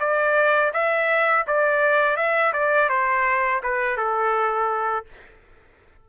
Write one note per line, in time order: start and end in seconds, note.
0.00 0.72 D5
0.74 1.46 E5
1.47 2.17 D5
2.17 2.53 E5
2.54 2.89 D5
2.89 3.62 C5
3.63 3.97 B4
3.97 5.06 A4